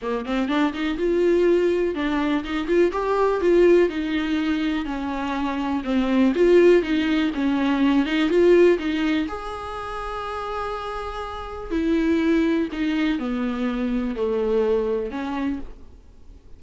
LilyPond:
\new Staff \with { instrumentName = "viola" } { \time 4/4 \tempo 4 = 123 ais8 c'8 d'8 dis'8 f'2 | d'4 dis'8 f'8 g'4 f'4 | dis'2 cis'2 | c'4 f'4 dis'4 cis'4~ |
cis'8 dis'8 f'4 dis'4 gis'4~ | gis'1 | e'2 dis'4 b4~ | b4 a2 cis'4 | }